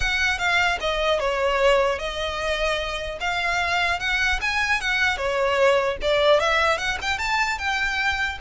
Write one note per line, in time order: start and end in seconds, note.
0.00 0.38 F#5
0.38 0.78 F5
0.80 1.19 D#5
1.19 1.98 C#5
1.98 3.18 D#5
3.20 3.99 F5
3.99 4.39 F#5
4.41 4.80 G#5
4.80 5.17 F#5
5.17 5.97 C#5
6.01 6.40 D5
6.40 6.78 E5
6.78 6.98 F#5
7.01 7.18 G5
7.18 7.58 A5
7.58 8.38 G5